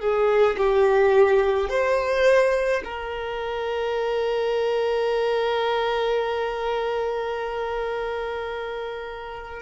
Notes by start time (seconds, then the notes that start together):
0.00 G#4
0.57 G4
1.69 C5
2.84 A#4